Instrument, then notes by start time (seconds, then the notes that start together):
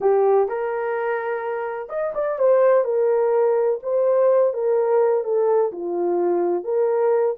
horn
0.00 G4
0.48 A#4
1.89 D#5
2.15 D5
2.39 C5
2.84 A#4
3.82 C5
4.53 A#4
5.24 A4
5.72 F4
6.64 A#4